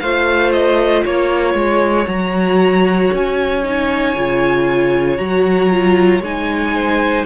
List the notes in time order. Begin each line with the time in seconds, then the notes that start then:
0.00 A3 F4 C5 F5
0.52 D#5
1.04 A#3 C#5
1.54 G#3
2.05 F#3 F#4 A#5
3.13 C#4 G#5
3.64 D#4
4.16 C#3 F4
5.17 F#3 F#4 A#5
5.70 F4
6.20 G#3 D#4 G#5
6.75 C5